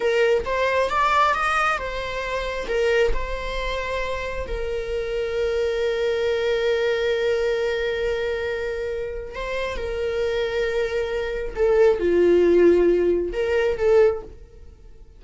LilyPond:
\new Staff \with { instrumentName = "viola" } { \time 4/4 \tempo 4 = 135 ais'4 c''4 d''4 dis''4 | c''2 ais'4 c''4~ | c''2 ais'2~ | ais'1~ |
ais'1~ | ais'4 c''4 ais'2~ | ais'2 a'4 f'4~ | f'2 ais'4 a'4 | }